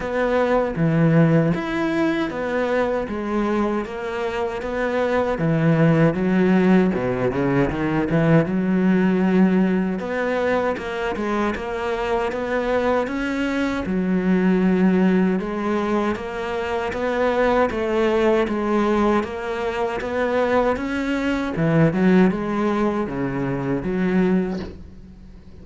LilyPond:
\new Staff \with { instrumentName = "cello" } { \time 4/4 \tempo 4 = 78 b4 e4 e'4 b4 | gis4 ais4 b4 e4 | fis4 b,8 cis8 dis8 e8 fis4~ | fis4 b4 ais8 gis8 ais4 |
b4 cis'4 fis2 | gis4 ais4 b4 a4 | gis4 ais4 b4 cis'4 | e8 fis8 gis4 cis4 fis4 | }